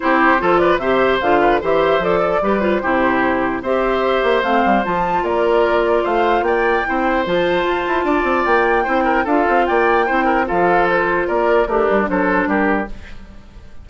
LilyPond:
<<
  \new Staff \with { instrumentName = "flute" } { \time 4/4 \tempo 4 = 149 c''4. d''8 e''4 f''4 | e''4 d''4. c''4.~ | c''4 e''2 f''4 | a''4 d''2 f''4 |
g''2 a''2~ | a''4 g''2 f''4 | g''2 f''4 c''4 | d''4 ais'4 c''4 ais'4 | }
  \new Staff \with { instrumentName = "oboe" } { \time 4/4 g'4 a'8 b'8 c''4. b'8 | c''4. a'8 b'4 g'4~ | g'4 c''2.~ | c''4 ais'2 c''4 |
d''4 c''2. | d''2 c''8 ais'8 a'4 | d''4 c''8 ais'8 a'2 | ais'4 d'4 a'4 g'4 | }
  \new Staff \with { instrumentName = "clarinet" } { \time 4/4 e'4 f'4 g'4 f'4 | g'4 a'4 g'8 f'8 e'4~ | e'4 g'2 c'4 | f'1~ |
f'4 e'4 f'2~ | f'2 e'4 f'4~ | f'4 e'4 f'2~ | f'4 g'4 d'2 | }
  \new Staff \with { instrumentName = "bassoon" } { \time 4/4 c'4 f4 c4 d4 | e4 f4 g4 c4~ | c4 c'4. ais8 a8 g8 | f4 ais2 a4 |
ais4 c'4 f4 f'8 e'8 | d'8 c'8 ais4 c'4 d'8 c'8 | ais4 c'4 f2 | ais4 a8 g8 fis4 g4 | }
>>